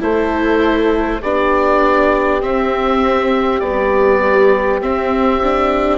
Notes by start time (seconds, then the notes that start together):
0.00 A3 E4 A4 C5
1.22 B3 D4 G4 D5
2.41 C4 E5
3.60 G3 B3 D5
4.80 C4 E5
5.43 D4